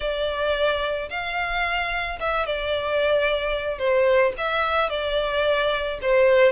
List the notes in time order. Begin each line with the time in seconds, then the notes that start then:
0.00 D5
1.10 F5
2.20 E5
2.45 D5
3.78 C5
4.37 E5
4.89 D5
6.01 C5